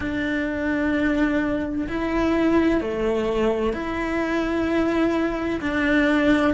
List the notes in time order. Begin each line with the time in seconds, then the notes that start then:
0.00 D4
1.87 E4
2.80 A3
3.73 E4
5.60 D4